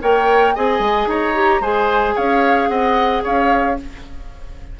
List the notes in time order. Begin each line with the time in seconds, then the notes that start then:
0.00 A#3 A#4 C#5 G5
0.54 C4 G#4 D#5 G#5
0.79 G#3
1.06 D#4 C#5 A#5
1.34 G4
1.60 G#3 G#4 C5 G#5
2.15 C#4 C#5 F5
2.68 C4 D#5 F#5
3.23 C#4 C#5 F5